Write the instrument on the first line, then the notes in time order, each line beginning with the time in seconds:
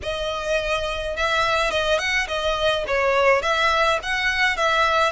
violin
0.02 D#5
1.16 E5
1.71 D#5
1.98 F#5
2.27 D#5
2.87 C#5
3.42 E5
4.02 F#5
4.56 E5